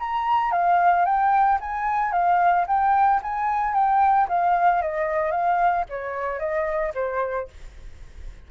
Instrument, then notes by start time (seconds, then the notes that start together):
flute
0.00 A#5
0.52 F5
1.05 G5
1.61 G#5
2.13 F5
2.68 G5
3.23 G#5
3.74 G5
4.29 F5
4.83 D#5
5.32 F5
5.90 C#5
6.39 D#5
6.95 C5